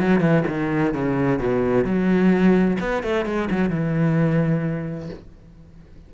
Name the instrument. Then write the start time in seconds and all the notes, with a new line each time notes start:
cello
0.00 F#3
0.20 E3
0.47 D#3
0.94 C#3
1.39 B2
1.85 F#3
2.80 B3
3.03 A3
3.25 G#3
3.51 F#3
3.70 E3